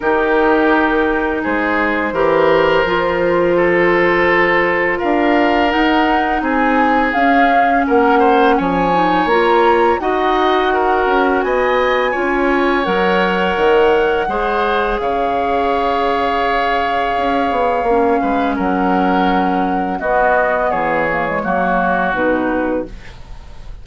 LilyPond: <<
  \new Staff \with { instrumentName = "flute" } { \time 4/4 \tempo 4 = 84 ais'2 c''2~ | c''2. f''4 | fis''4 gis''4 f''4 fis''4 | gis''4 ais''4 fis''2 |
gis''2 fis''2~ | fis''4 f''2.~ | f''2 fis''2 | dis''4 cis''2 b'4 | }
  \new Staff \with { instrumentName = "oboe" } { \time 4/4 g'2 gis'4 ais'4~ | ais'4 a'2 ais'4~ | ais'4 gis'2 ais'8 c''8 | cis''2 dis''4 ais'4 |
dis''4 cis''2. | c''4 cis''2.~ | cis''4. b'8 ais'2 | fis'4 gis'4 fis'2 | }
  \new Staff \with { instrumentName = "clarinet" } { \time 4/4 dis'2. g'4 | f'1 | dis'2 cis'2~ | cis'8 dis'8 f'4 fis'2~ |
fis'4 f'4 ais'2 | gis'1~ | gis'4 cis'2. | b4. ais16 gis16 ais4 dis'4 | }
  \new Staff \with { instrumentName = "bassoon" } { \time 4/4 dis2 gis4 e4 | f2. d'4 | dis'4 c'4 cis'4 ais4 | f4 ais4 dis'4. cis'8 |
b4 cis'4 fis4 dis4 | gis4 cis2. | cis'8 b8 ais8 gis8 fis2 | b4 e4 fis4 b,4 | }
>>